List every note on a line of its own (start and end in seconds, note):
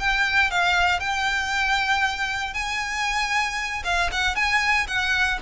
0.00 0.51 G5
0.51 1.00 F5
1.00 2.54 G5
2.54 3.84 G#5
3.85 4.11 F5
4.12 4.36 F#5
4.36 4.87 G#5
4.88 5.40 F#5